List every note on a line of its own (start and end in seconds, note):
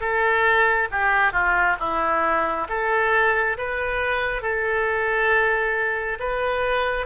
0.00 0.88 A4
0.91 1.32 G4
1.32 1.76 F4
1.79 2.68 E4
2.68 3.57 A4
3.57 4.42 B4
4.42 6.18 A4
6.19 7.06 B4